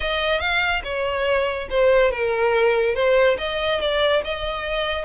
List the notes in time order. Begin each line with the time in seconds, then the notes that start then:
0.00 D#5
0.39 F5
0.83 C#5
1.70 C5
2.11 A#4
2.94 C5
3.38 D#5
3.80 D5
4.24 D#5